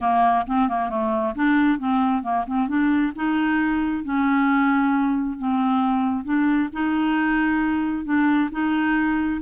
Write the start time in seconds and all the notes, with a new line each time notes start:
0.00 A#3
0.46 C4
0.68 A#3
0.89 A3
1.35 D4
1.78 C4
2.22 A#3
2.46 C4
2.67 D4
3.15 D#4
4.04 C#4
5.38 C4
6.24 D4
6.72 D#4
8.04 D4
8.51 D#4